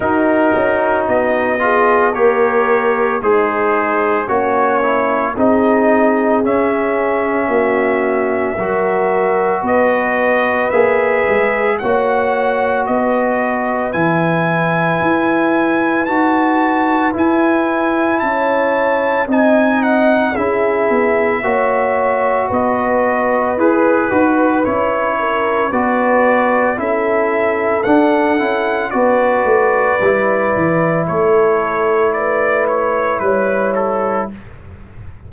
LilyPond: <<
  \new Staff \with { instrumentName = "trumpet" } { \time 4/4 \tempo 4 = 56 ais'4 dis''4 cis''4 c''4 | cis''4 dis''4 e''2~ | e''4 dis''4 e''4 fis''4 | dis''4 gis''2 a''4 |
gis''4 a''4 gis''8 fis''8 e''4~ | e''4 dis''4 b'4 cis''4 | d''4 e''4 fis''4 d''4~ | d''4 cis''4 d''8 cis''8 b'8 a'8 | }
  \new Staff \with { instrumentName = "horn" } { \time 4/4 fis'4. gis'8 ais'4 dis'4 | cis'4 gis'2 fis'4 | ais'4 b'2 cis''4 | b'1~ |
b'4 cis''4 dis''4 gis'4 | cis''4 b'2~ b'8 ais'8 | b'4 a'2 b'4~ | b'4 a'4 b'4 cis''4 | }
  \new Staff \with { instrumentName = "trombone" } { \time 4/4 dis'4. f'8 g'4 gis'4 | fis'8 e'8 dis'4 cis'2 | fis'2 gis'4 fis'4~ | fis'4 e'2 fis'4 |
e'2 dis'4 e'4 | fis'2 gis'8 fis'8 e'4 | fis'4 e'4 d'8 e'8 fis'4 | e'1 | }
  \new Staff \with { instrumentName = "tuba" } { \time 4/4 dis'8 cis'8 b4 ais4 gis4 | ais4 c'4 cis'4 ais4 | fis4 b4 ais8 gis8 ais4 | b4 e4 e'4 dis'4 |
e'4 cis'4 c'4 cis'8 b8 | ais4 b4 e'8 dis'8 cis'4 | b4 cis'4 d'8 cis'8 b8 a8 | g8 e8 a2 g4 | }
>>